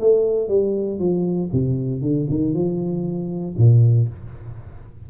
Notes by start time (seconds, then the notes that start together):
0.00 A3
0.48 G3
0.98 F3
1.52 C3
2.01 D3
2.29 D#3
2.54 F3
3.57 A#2